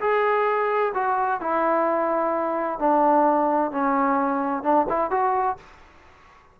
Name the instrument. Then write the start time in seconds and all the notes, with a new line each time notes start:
trombone
0.00 G#4
0.94 F#4
1.40 E4
2.79 D4
3.71 C#4
4.63 D4
4.89 E4
5.11 F#4